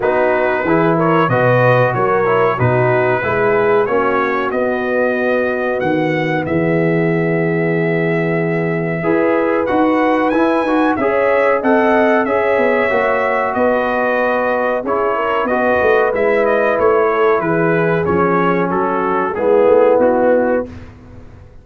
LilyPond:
<<
  \new Staff \with { instrumentName = "trumpet" } { \time 4/4 \tempo 4 = 93 b'4. cis''8 dis''4 cis''4 | b'2 cis''4 dis''4~ | dis''4 fis''4 e''2~ | e''2. fis''4 |
gis''4 e''4 fis''4 e''4~ | e''4 dis''2 cis''4 | dis''4 e''8 dis''8 cis''4 b'4 | cis''4 a'4 gis'4 fis'4 | }
  \new Staff \with { instrumentName = "horn" } { \time 4/4 fis'4 gis'8 ais'8 b'4 ais'4 | fis'4 gis'4 fis'2~ | fis'2 gis'2~ | gis'2 b'2~ |
b'4 cis''4 dis''4 cis''4~ | cis''4 b'2 gis'8 ais'8 | b'2~ b'8 a'8 gis'4~ | gis'4 fis'4 e'2 | }
  \new Staff \with { instrumentName = "trombone" } { \time 4/4 dis'4 e'4 fis'4. e'8 | dis'4 e'4 cis'4 b4~ | b1~ | b2 gis'4 fis'4 |
e'8 fis'8 gis'4 a'4 gis'4 | fis'2. e'4 | fis'4 e'2. | cis'2 b2 | }
  \new Staff \with { instrumentName = "tuba" } { \time 4/4 b4 e4 b,4 fis4 | b,4 gis4 ais4 b4~ | b4 dis4 e2~ | e2 e'4 dis'4 |
e'8 dis'8 cis'4 c'4 cis'8 b8 | ais4 b2 cis'4 | b8 a8 gis4 a4 e4 | f4 fis4 gis8 a8 b4 | }
>>